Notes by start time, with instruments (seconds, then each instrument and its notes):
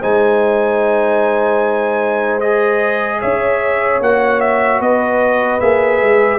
0.00 tuba G#3, trombone D#4, horn C5, trumpet G#5
2.41 trombone G#4, trumpet D#5
3.19 tuba C#4, horn C#5, trumpet E5
4.00 tuba A#3, trombone F#4, trumpet F#5
4.41 trumpet E5
4.79 tuba B3, horn B4, trumpet D#5
5.60 tuba A#3, trombone G#4, trumpet E5
6.01 tuba G#3